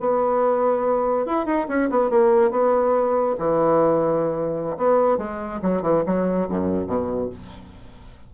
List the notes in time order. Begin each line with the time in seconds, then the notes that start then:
0.00 B3
1.26 E4
1.46 D#4
1.68 C#4
1.90 B3
2.10 A#3
2.51 B3
3.38 E3
4.77 B3
5.18 G#3
5.62 F#3
5.82 E3
6.06 F#3
6.49 F#2
6.87 B2